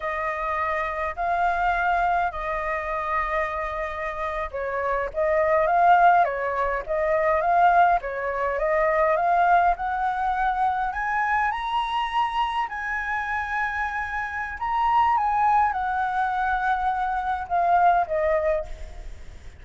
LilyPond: \new Staff \with { instrumentName = "flute" } { \time 4/4 \tempo 4 = 103 dis''2 f''2 | dis''2.~ dis''8. cis''16~ | cis''8. dis''4 f''4 cis''4 dis''16~ | dis''8. f''4 cis''4 dis''4 f''16~ |
f''8. fis''2 gis''4 ais''16~ | ais''4.~ ais''16 gis''2~ gis''16~ | gis''4 ais''4 gis''4 fis''4~ | fis''2 f''4 dis''4 | }